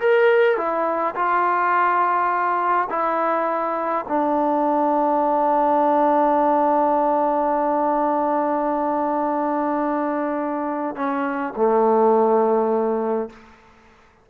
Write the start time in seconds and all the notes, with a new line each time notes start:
0.00 A#4
0.57 E4
1.15 F4
2.90 E4
4.08 D4
10.95 C#4
11.56 A3